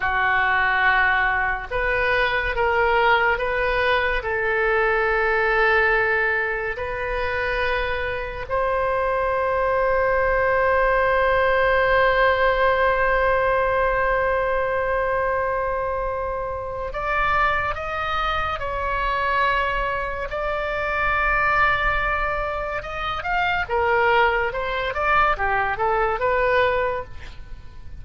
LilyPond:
\new Staff \with { instrumentName = "oboe" } { \time 4/4 \tempo 4 = 71 fis'2 b'4 ais'4 | b'4 a'2. | b'2 c''2~ | c''1~ |
c''1 | d''4 dis''4 cis''2 | d''2. dis''8 f''8 | ais'4 c''8 d''8 g'8 a'8 b'4 | }